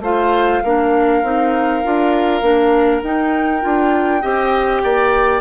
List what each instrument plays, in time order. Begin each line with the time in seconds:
0.00 bassoon A3, clarinet F4, oboe C5, flute F5
0.64 bassoon A#3, clarinet D4, oboe A#4
1.23 bassoon C4, clarinet D#4
1.83 bassoon D4, clarinet F4
2.42 bassoon A#3, clarinet D4
3.02 bassoon D#4, clarinet D#4, flute G5
3.61 bassoon D4, clarinet F4
4.21 bassoon C4, clarinet G4, oboe D#5
4.83 bassoon A#3, oboe D5